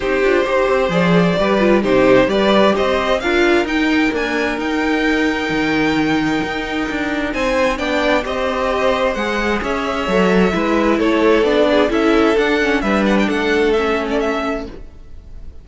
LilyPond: <<
  \new Staff \with { instrumentName = "violin" } { \time 4/4 \tempo 4 = 131 c''2 d''2 | c''4 d''4 dis''4 f''4 | g''4 gis''4 g''2~ | g''1 |
gis''4 g''4 dis''2 | fis''4 e''2. | cis''4 d''4 e''4 fis''4 | e''8 fis''16 g''16 fis''4 e''8. d''16 e''4 | }
  \new Staff \with { instrumentName = "violin" } { \time 4/4 g'4 c''2 b'4 | g'4 b'4 c''4 ais'4~ | ais'1~ | ais'1 |
c''4 d''4 c''2~ | c''4 cis''2 b'4 | a'4. gis'8 a'2 | b'4 a'2. | }
  \new Staff \with { instrumentName = "viola" } { \time 4/4 dis'8 f'8 g'4 gis'4 g'8 f'8 | dis'4 g'2 f'4 | dis'4 ais4 dis'2~ | dis'1~ |
dis'4 d'4 g'2 | gis'2 a'4 e'4~ | e'4 d'4 e'4 d'8 cis'8 | d'2 cis'2 | }
  \new Staff \with { instrumentName = "cello" } { \time 4/4 c'8 d'8 dis'8 c'8 f4 g4 | c4 g4 c'4 d'4 | dis'4 d'4 dis'2 | dis2 dis'4 d'4 |
c'4 b4 c'2 | gis4 cis'4 fis4 gis4 | a4 b4 cis'4 d'4 | g4 a2. | }
>>